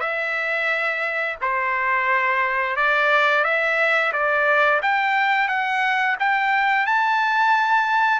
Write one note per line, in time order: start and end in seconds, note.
0.00 1.36 E5
1.41 2.76 C5
2.76 3.44 D5
3.44 4.12 E5
4.12 4.81 D5
4.82 5.48 G5
5.48 6.16 F#5
6.19 6.86 G5
6.86 8.20 A5